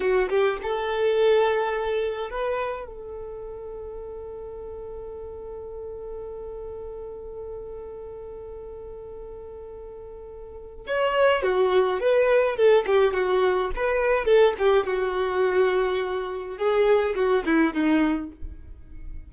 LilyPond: \new Staff \with { instrumentName = "violin" } { \time 4/4 \tempo 4 = 105 fis'8 g'8 a'2. | b'4 a'2.~ | a'1~ | a'1~ |
a'2. cis''4 | fis'4 b'4 a'8 g'8 fis'4 | b'4 a'8 g'8 fis'2~ | fis'4 gis'4 fis'8 e'8 dis'4 | }